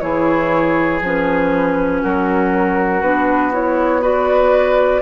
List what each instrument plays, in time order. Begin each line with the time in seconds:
0.00 bassoon E3, clarinet E4, oboe G#4, flute C#5
1.01 bassoon F3, clarinet C#4, flute B4
2.02 bassoon F#3, oboe F#4, flute A#4
3.02 bassoon B3, clarinet D4, flute B4
3.52 clarinet E4, flute C#5
4.01 clarinet F#4, oboe B4, flute D5